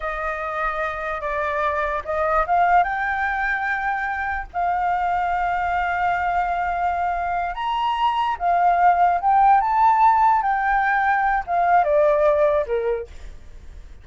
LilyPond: \new Staff \with { instrumentName = "flute" } { \time 4/4 \tempo 4 = 147 dis''2. d''4~ | d''4 dis''4 f''4 g''4~ | g''2. f''4~ | f''1~ |
f''2~ f''8 ais''4.~ | ais''8 f''2 g''4 a''8~ | a''4. g''2~ g''8 | f''4 d''2 ais'4 | }